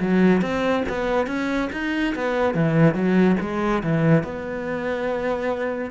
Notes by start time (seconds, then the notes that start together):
0.00 F#3
0.41 C4
0.88 B3
1.27 C#4
1.72 D#4
2.15 B3
2.54 E3
2.94 F#3
3.40 G#3
3.83 E3
4.23 B3